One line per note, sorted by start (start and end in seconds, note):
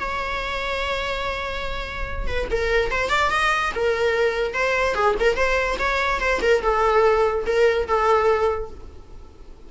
0.00 2.27 C#5
2.27 2.48 B4
2.51 2.91 A#4
2.91 3.10 C5
3.10 3.30 D5
3.31 3.72 D#5
3.75 4.54 A#4
4.54 4.95 C5
4.95 5.16 G#4
5.20 5.36 A#4
5.36 5.78 C5
5.79 6.21 C#5
6.21 6.41 C5
6.42 6.63 A#4
6.63 7.45 A4
7.47 7.88 A#4
7.88 8.71 A4